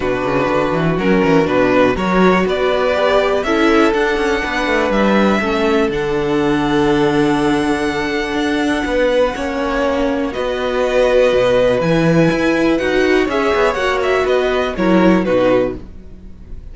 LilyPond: <<
  \new Staff \with { instrumentName = "violin" } { \time 4/4 \tempo 4 = 122 b'2 ais'4 b'4 | cis''4 d''2 e''4 | fis''2 e''2 | fis''1~ |
fis''1~ | fis''4 dis''2. | gis''2 fis''4 e''4 | fis''8 e''8 dis''4 cis''4 b'4 | }
  \new Staff \with { instrumentName = "violin" } { \time 4/4 fis'1 | ais'4 b'2 a'4~ | a'4 b'2 a'4~ | a'1~ |
a'2 b'4 cis''4~ | cis''4 b'2.~ | b'2. cis''4~ | cis''4 b'4 ais'4 fis'4 | }
  \new Staff \with { instrumentName = "viola" } { \time 4/4 d'2 cis'4 d'4 | fis'2 g'4 e'4 | d'2. cis'4 | d'1~ |
d'2. cis'4~ | cis'4 fis'2. | e'2 fis'4 gis'4 | fis'2 e'4 dis'4 | }
  \new Staff \with { instrumentName = "cello" } { \time 4/4 b,8 cis8 d8 e8 fis8 e8 b,4 | fis4 b2 cis'4 | d'8 cis'8 b8 a8 g4 a4 | d1~ |
d4 d'4 b4 ais4~ | ais4 b2 b,4 | e4 e'4 dis'4 cis'8 b8 | ais4 b4 fis4 b,4 | }
>>